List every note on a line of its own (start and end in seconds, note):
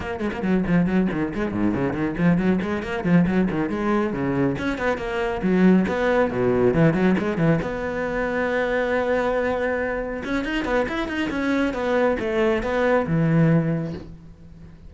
0.00 0.20 A#3
0.20 0.30 G#3
0.33 0.42 A#3
0.42 0.63 F#3
0.66 0.86 F3
0.86 1.07 F#3
1.11 1.33 D#3
1.34 1.52 G#3
1.52 1.74 G#2
1.74 1.93 C#3
1.93 2.14 D#3
2.17 2.37 F3
2.37 2.59 F#3
2.61 2.83 G#3
2.83 3.04 A#3
3.04 3.25 F3
3.26 3.48 F#3
3.50 3.69 D#3
3.69 4.13 G#3
4.13 4.56 C#3
4.58 4.77 C#4
4.77 4.97 B3
4.97 5.41 A#3
5.42 5.85 F#3
5.87 6.30 B3
6.30 6.74 B2
6.74 6.93 E3
6.93 7.15 F#3
7.18 7.37 G#3
7.37 7.59 E3
7.61 10.22 B3
10.24 10.44 C#4
10.44 10.64 D#4
10.64 10.86 B3
10.88 11.08 E4
11.08 11.29 D#4
11.30 11.73 C#4
11.73 12.17 B3
12.19 12.62 A3
12.62 13.06 B3
13.06 13.93 E3